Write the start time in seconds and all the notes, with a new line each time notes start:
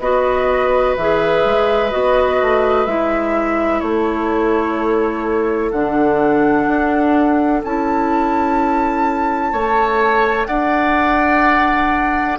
0.00 B3 F#4 B4 D#5
0.97 E3 G#4 E5
1.45 G#3
1.91 B3 F#4 D#5
2.42 A3
2.86 G#3 E4 E5
3.80 A3 A4 C#5
5.71 D3 D4 F#5
6.67 D4
7.64 C#4 E4 A5
9.52 A3 A4 C#5
10.46 D4 D5 F#5